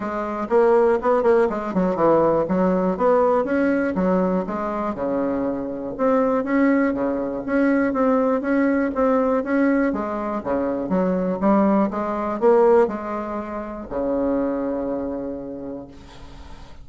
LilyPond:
\new Staff \with { instrumentName = "bassoon" } { \time 4/4 \tempo 4 = 121 gis4 ais4 b8 ais8 gis8 fis8 | e4 fis4 b4 cis'4 | fis4 gis4 cis2 | c'4 cis'4 cis4 cis'4 |
c'4 cis'4 c'4 cis'4 | gis4 cis4 fis4 g4 | gis4 ais4 gis2 | cis1 | }